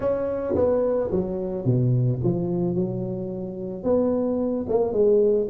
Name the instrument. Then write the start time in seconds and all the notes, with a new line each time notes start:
tuba
0.00 C#4
0.55 B3
1.11 F#3
1.65 B2
2.23 F3
2.75 F#3
3.83 B3
4.68 A#3
4.92 G#3